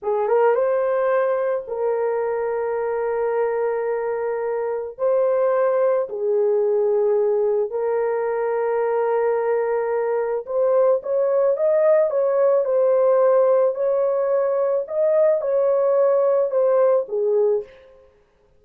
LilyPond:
\new Staff \with { instrumentName = "horn" } { \time 4/4 \tempo 4 = 109 gis'8 ais'8 c''2 ais'4~ | ais'1~ | ais'4 c''2 gis'4~ | gis'2 ais'2~ |
ais'2. c''4 | cis''4 dis''4 cis''4 c''4~ | c''4 cis''2 dis''4 | cis''2 c''4 gis'4 | }